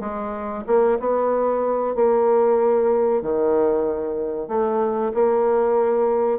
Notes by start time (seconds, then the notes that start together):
0.00 G#3
0.66 A#3
1.00 B3
1.95 A#3
3.22 D#3
4.48 A3
5.14 A#3